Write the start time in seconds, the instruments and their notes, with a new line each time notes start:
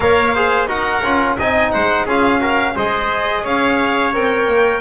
0.00 double bass A#3, trombone A#4, trumpet C#5, violin F5
0.34 trombone G#4, trumpet C5
0.67 double bass D#4, trombone F#4, trumpet A#4, violin F#5
1.02 double bass C#4, trombone F4
1.38 double bass C4, trombone D#4, trumpet D#5, violin G#5
1.71 double bass G#3, trumpet C5, violin F#5
2.05 double bass C#4, trombone F4, trumpet G#4, violin F5
2.39 trombone F#4, trumpet A#4
2.75 double bass G#3, trombone G#4, trumpet C5, violin D#5
3.43 double bass C#4, trumpet C#5, violin F5
4.13 double bass C4, trombone A#4, violin G5
4.47 double bass A#3